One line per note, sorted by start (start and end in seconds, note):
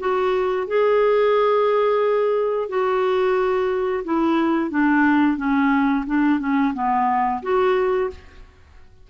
0.00 0.67 F#4
0.68 2.69 G#4
2.69 4.04 F#4
4.05 4.71 E4
4.71 5.37 D4
5.37 6.05 C#4
6.07 6.40 D4
6.40 6.74 C#4
6.74 7.42 B3
7.43 8.10 F#4